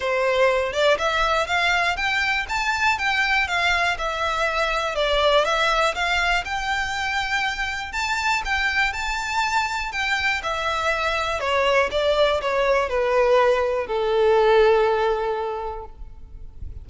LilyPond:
\new Staff \with { instrumentName = "violin" } { \time 4/4 \tempo 4 = 121 c''4. d''8 e''4 f''4 | g''4 a''4 g''4 f''4 | e''2 d''4 e''4 | f''4 g''2. |
a''4 g''4 a''2 | g''4 e''2 cis''4 | d''4 cis''4 b'2 | a'1 | }